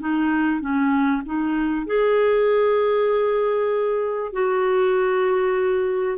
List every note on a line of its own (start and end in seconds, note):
0.00 0.61 D#4
0.61 1.23 C#4
1.26 1.86 D#4
1.86 4.33 G#4
4.33 6.18 F#4